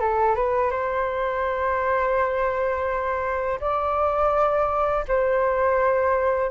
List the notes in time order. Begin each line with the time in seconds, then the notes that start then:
0.00 A4
0.35 B4
0.71 C5
3.60 D5
5.08 C5